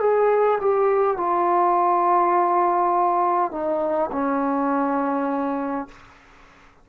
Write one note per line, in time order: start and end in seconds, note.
0.00 0.59 G#4
0.60 1.17 G4
1.17 3.51 F4
3.51 4.10 D#4
4.11 5.88 C#4